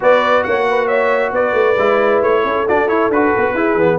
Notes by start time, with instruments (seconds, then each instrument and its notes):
0.00 tuba B3, trombone F#4, horn B4, trumpet D5
0.43 tuba A#3, horn C#5, trumpet F#5
0.69 horn B4
0.86 horn C#5, trumpet E5
1.32 tuba B3, horn B4, trumpet D5
1.53 tuba A3
1.77 tuba G#3, trombone E4
2.22 tuba A3, trumpet C#5
2.44 tuba C#4, horn A4
2.68 trombone D4, tuba F#4, trumpet D5
2.88 trombone E4, tuba E4, trumpet C#5
3.09 tuba D4, trombone F#4, trumpet B4
3.36 tuba B3
3.54 tuba E4, trombone E4, horn G#4
3.75 tuba E3, trombone B3